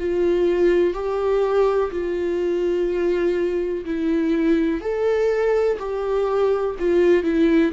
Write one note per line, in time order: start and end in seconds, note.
0.00 0.95 F4
0.95 1.91 G4
1.92 3.85 F4
3.86 4.81 E4
4.81 5.78 A4
5.79 6.76 G4
6.80 7.24 F4
7.24 7.72 E4